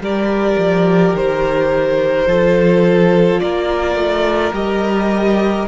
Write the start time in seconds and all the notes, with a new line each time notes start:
0.00 G3 G4 A#4 D5
0.58 F3
1.14 D#3 C5
2.27 F3 F4 A4
3.40 A#3 A#4 D5
3.96 A3
4.53 G3 G4 D#5